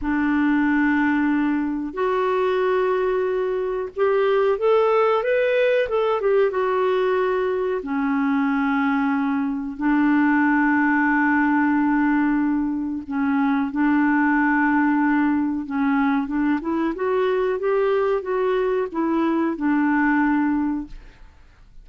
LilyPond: \new Staff \with { instrumentName = "clarinet" } { \time 4/4 \tempo 4 = 92 d'2. fis'4~ | fis'2 g'4 a'4 | b'4 a'8 g'8 fis'2 | cis'2. d'4~ |
d'1 | cis'4 d'2. | cis'4 d'8 e'8 fis'4 g'4 | fis'4 e'4 d'2 | }